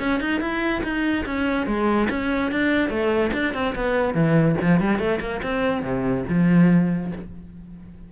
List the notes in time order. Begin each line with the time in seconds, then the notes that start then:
0.00 C#4
0.21 D#4
0.41 E4
0.84 D#4
1.27 C#4
1.67 G#3
2.10 C#4
2.52 D4
2.90 A3
3.34 D4
3.55 C4
3.76 B3
4.15 E3
4.61 F3
4.81 G3
4.99 A3
5.21 A#3
5.43 C4
5.83 C3
6.30 F3